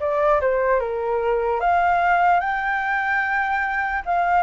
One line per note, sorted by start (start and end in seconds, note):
0.00 0.41 D5
0.41 0.80 C5
0.80 1.60 A#4
1.60 2.40 F5
2.40 4.02 G5
4.05 4.43 F5